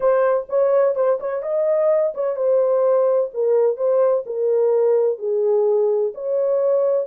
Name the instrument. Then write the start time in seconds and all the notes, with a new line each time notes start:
horn
0.00 C5
0.49 C#5
0.95 C5
1.19 C#5
1.42 D#5
2.14 C#5
2.36 C5
3.33 A#4
3.76 C5
4.26 A#4
5.18 G#4
6.14 C#5